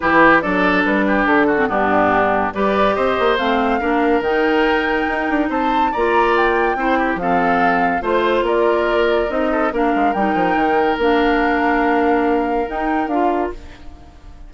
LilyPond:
<<
  \new Staff \with { instrumentName = "flute" } { \time 4/4 \tempo 4 = 142 b'4 d''4 b'4 a'4 | g'2 d''4 dis''4 | f''2 g''2~ | g''4 a''4 ais''4 g''4~ |
g''4 f''2 c''4 | d''2 dis''4 f''4 | g''2 f''2~ | f''2 g''4 f''4 | }
  \new Staff \with { instrumentName = "oboe" } { \time 4/4 g'4 a'4. g'4 fis'8 | d'2 b'4 c''4~ | c''4 ais'2.~ | ais'4 c''4 d''2 |
c''8 g'8 a'2 c''4 | ais'2~ ais'8 a'8 ais'4~ | ais'1~ | ais'1 | }
  \new Staff \with { instrumentName = "clarinet" } { \time 4/4 e'4 d'2~ d'8. c'16 | b2 g'2 | c'4 d'4 dis'2~ | dis'2 f'2 |
e'4 c'2 f'4~ | f'2 dis'4 d'4 | dis'2 d'2~ | d'2 dis'4 f'4 | }
  \new Staff \with { instrumentName = "bassoon" } { \time 4/4 e4 fis4 g4 d4 | g,2 g4 c'8 ais8 | a4 ais4 dis2 | dis'8 d'8 c'4 ais2 |
c'4 f2 a4 | ais2 c'4 ais8 gis8 | g8 f8 dis4 ais2~ | ais2 dis'4 d'4 | }
>>